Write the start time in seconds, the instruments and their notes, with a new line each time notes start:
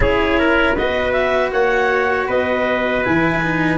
0.00 tuba C#4, cello E4, trumpet G#4, clarinet C#5
0.38 trumpet A#4
0.75 tuba B3, cello F#4, trumpet B4, clarinet D#5
1.12 clarinet E5
1.51 tuba A#3, trumpet C#5, clarinet F#5
2.27 tuba B3, trumpet B4, clarinet D#5
3.03 tuba E3, cello E4, clarinet G#5
3.42 cello D#4